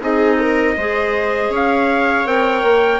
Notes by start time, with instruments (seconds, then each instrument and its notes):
0.00 bassoon C4, clarinet D#4, viola G#4, trumpet D#5
0.39 viola A#4
0.77 bassoon G#3, clarinet G#4, viola C5
1.49 bassoon C#4, viola C#5
1.55 trumpet F5
2.25 bassoon C4, clarinet A#4, trumpet G5
2.63 bassoon A#3